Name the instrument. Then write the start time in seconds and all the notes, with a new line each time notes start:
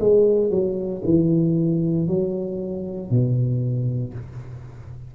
tuba
0.00 G#3
0.50 F#3
1.04 E3
2.07 F#3
3.10 B2